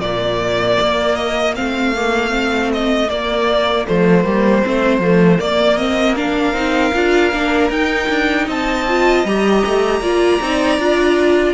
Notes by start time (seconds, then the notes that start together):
0.00 A#2 A#3 F4 D5
0.81 A#3
1.16 D#5
1.56 A3 C4 F5
1.96 A#3
2.30 C4
2.74 D#5
3.09 A#3 D5
3.87 F3 A3 C5
4.24 G3 A#3
4.63 A3 C4
5.00 F3 A3
5.40 A#3 D5
5.78 C4 D#5
6.16 D4 A#4 F5
6.53 C4 D#4
6.94 D4 F4
7.33 A#3 D4
7.70 D#4 G5
8.09 D4
8.47 C4 D#5 A5
8.88 F4
9.25 G3 G4 A#5
9.66 A3
10.01 A#3 F4 D5
10.42 C4 D#4
10.79 D4 F4